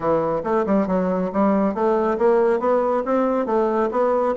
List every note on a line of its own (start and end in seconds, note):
0.00 0.42 E3
0.43 0.65 A3
0.66 0.87 G3
0.87 1.30 F#3
1.32 1.74 G3
1.74 2.17 A3
2.17 2.59 A#3
2.59 3.03 B3
3.05 3.46 C4
3.46 3.89 A3
3.91 4.34 B3